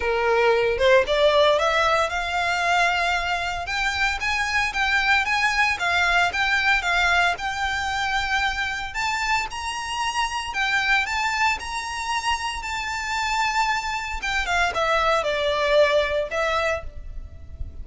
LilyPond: \new Staff \with { instrumentName = "violin" } { \time 4/4 \tempo 4 = 114 ais'4. c''8 d''4 e''4 | f''2. g''4 | gis''4 g''4 gis''4 f''4 | g''4 f''4 g''2~ |
g''4 a''4 ais''2 | g''4 a''4 ais''2 | a''2. g''8 f''8 | e''4 d''2 e''4 | }